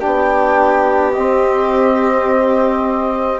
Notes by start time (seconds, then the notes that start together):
0.00 B3 D4 G4 G5
1.13 C4 D#5